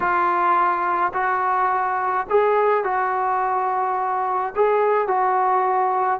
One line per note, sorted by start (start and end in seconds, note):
0.00 1.12 F4
1.13 2.26 F#4
2.29 2.84 G#4
2.84 4.53 F#4
4.55 5.07 G#4
5.07 6.20 F#4